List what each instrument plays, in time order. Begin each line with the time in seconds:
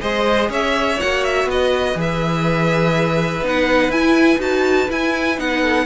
0.00 cello G#3, viola G#4, violin C5 D#5
0.49 cello C#4, violin C#5 E5
0.99 cello A#3, viola F#4, violin F#5
1.24 violin E5
1.44 cello B3, violin B4
1.51 violin D#5
1.95 cello E3, viola G#4, violin E5
3.42 cello B3, viola D#4, violin F#5
3.88 cello E4, viola E4, violin G#5
4.38 cello D#4, viola F#4, violin A5
4.89 viola E4, cello E4, violin G#5
5.37 cello B3, viola D#4, violin F#5
5.61 violin A4